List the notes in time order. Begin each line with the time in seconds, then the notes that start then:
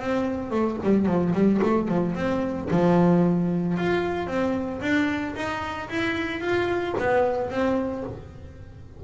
0.00 C4
0.51 A3
0.83 G3
1.06 F3
1.34 G3
1.63 A3
1.89 F3
2.16 C4
2.71 F3
3.78 F4
4.28 C4
4.82 D4
5.36 D#4
5.90 E4
6.41 F4
6.99 B3
7.50 C4